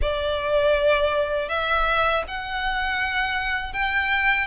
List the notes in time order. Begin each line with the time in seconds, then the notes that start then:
0.01 D5
1.48 E5
2.27 F#5
3.73 G5